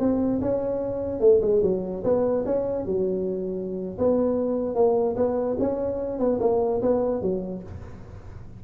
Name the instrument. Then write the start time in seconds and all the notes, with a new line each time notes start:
tuba
0.00 C4
0.42 C#4
1.21 A3
1.42 G#3
1.63 F#3
2.04 B3
2.46 C#4
2.86 F#3
3.99 B3
4.76 A#3
5.17 B3
5.60 C#4
6.20 B3
6.41 A#3
6.82 B3
7.22 F#3